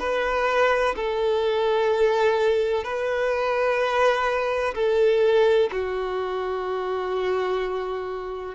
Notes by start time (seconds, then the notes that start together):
0.00 B4
0.96 A4
2.84 B4
4.75 A4
5.72 F#4